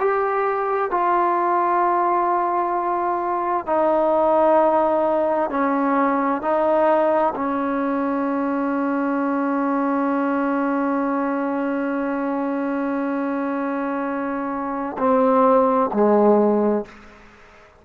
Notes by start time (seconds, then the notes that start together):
0.00 G4
0.91 F4
3.67 D#4
5.50 C#4
6.42 D#4
7.36 C#4
14.98 C4
15.93 G#3